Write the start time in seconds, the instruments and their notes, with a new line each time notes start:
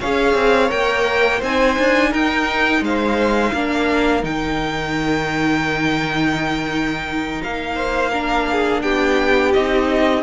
0.00 cello C#4, viola G#4, violin C#5 F5
0.34 cello C4
0.68 cello A#3, viola A#4, violin G5
1.39 cello C4, viola D#4, violin C5 G#5
1.79 cello D4
2.10 cello D#4, violin A#4 G5
2.81 cello G#3, violin C5 F5
3.53 cello A#3, viola D4, violin A#4
4.22 cello D#3, viola D#4, violin G5
7.43 cello A#3, violin F5
7.75 violin C5
8.10 viola D4, violin A#4
8.51 violin G#4
8.81 cello B3, violin G4 G5
9.53 cello C4, viola D#4, violin D#5